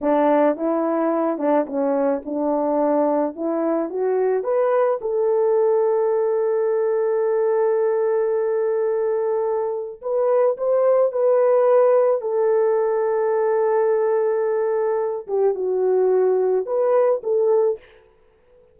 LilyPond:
\new Staff \with { instrumentName = "horn" } { \time 4/4 \tempo 4 = 108 d'4 e'4. d'8 cis'4 | d'2 e'4 fis'4 | b'4 a'2.~ | a'1~ |
a'2 b'4 c''4 | b'2 a'2~ | a'2.~ a'8 g'8 | fis'2 b'4 a'4 | }